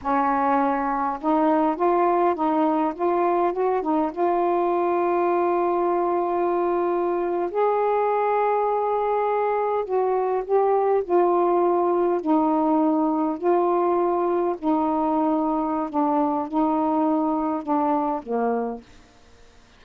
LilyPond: \new Staff \with { instrumentName = "saxophone" } { \time 4/4 \tempo 4 = 102 cis'2 dis'4 f'4 | dis'4 f'4 fis'8 dis'8 f'4~ | f'1~ | f'8. gis'2.~ gis'16~ |
gis'8. fis'4 g'4 f'4~ f'16~ | f'8. dis'2 f'4~ f'16~ | f'8. dis'2~ dis'16 d'4 | dis'2 d'4 ais4 | }